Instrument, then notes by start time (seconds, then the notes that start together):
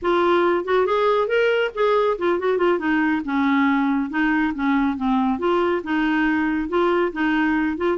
clarinet
0.02 F4
0.64 F#4
0.86 G#4
1.27 A#4
1.74 G#4
2.18 F4
2.39 F#4
2.57 F4
2.78 D#4
3.25 C#4
4.10 D#4
4.54 C#4
4.96 C4
5.39 F4
5.83 D#4
6.68 F4
7.12 D#4
7.77 F4